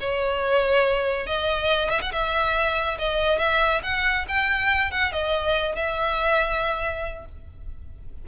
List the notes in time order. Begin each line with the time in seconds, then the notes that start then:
0.00 C#5
1.26 D#5
1.89 E5
2.01 F#5
2.12 E5
2.98 D#5
3.38 E5
3.82 F#5
4.28 G5
4.91 F#5
5.12 D#5
5.75 E5